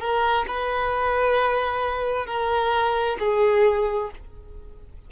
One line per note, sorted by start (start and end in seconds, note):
0.00 0.45 A#4
0.48 2.26 B4
2.26 3.17 A#4
3.19 4.10 G#4